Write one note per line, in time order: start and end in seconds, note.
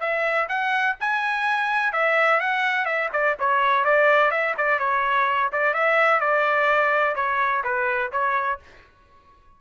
0.00 0.48 E5
0.48 0.96 F#5
1.00 1.93 G#5
1.93 2.40 E5
2.40 2.85 F#5
2.85 3.09 E5
3.12 3.36 D5
3.39 3.84 C#5
3.84 4.31 D5
4.31 4.55 E5
4.57 4.79 D5
4.79 5.50 C#5
5.52 5.74 D5
5.74 6.20 E5
6.20 7.15 D5
7.15 7.63 C#5
7.64 8.11 B4
8.12 8.59 C#5